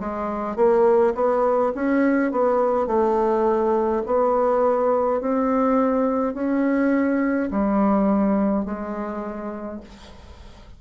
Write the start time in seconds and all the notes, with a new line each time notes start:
0.00 G#3
0.56 A#3
1.15 B3
1.75 C#4
2.31 B3
2.87 A3
4.06 B3
5.21 C4
6.34 C#4
7.51 G3
8.65 G#3